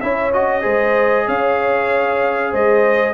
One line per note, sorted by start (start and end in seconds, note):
0.00 0.65 C#4
0.00 0.33 E4
0.00 0.63 C#5
0.00 0.32 E5
0.33 0.61 F#4
0.33 1.27 D#5
0.61 1.27 G#3
0.61 3.14 G#4
0.61 1.26 C5
1.26 2.53 C#4
1.26 2.51 C#5
1.26 2.54 F5
2.51 3.14 G#3
2.51 3.14 C5
2.51 3.14 D#5